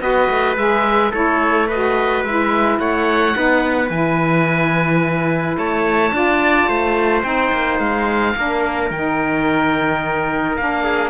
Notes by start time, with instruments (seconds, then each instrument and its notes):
0.00 cello B3, saxophone F#4, trumpet B4, oboe D#5
0.29 cello A3
0.57 cello G#3, saxophone G#4, oboe E5
1.11 cello A3, saxophone E4, trumpet A4, oboe C#5
1.67 saxophone F#4, trumpet B4, oboe D#5
2.23 cello G#3, saxophone E4, oboe E5
2.79 cello A3, trumpet C#5, oboe F#5
3.34 cello B3, saxophone D#4, trumpet B4
3.89 cello E3, saxophone E4, oboe G#5
5.58 cello A3, trumpet C#5, oboe A5
6.12 cello D4, saxophone F4, trumpet D5
6.67 cello A3, trumpet C5
7.22 cello C4, saxophone D#4, oboe G5
7.52 cello A#3
7.79 cello G#3, oboe F5
8.36 cello A#3, saxophone D4, trumpet A#4
8.91 cello D#3, saxophone D#4, oboe G5
10.56 cello A#3, saxophone D4, oboe F5
10.83 trumpet G#4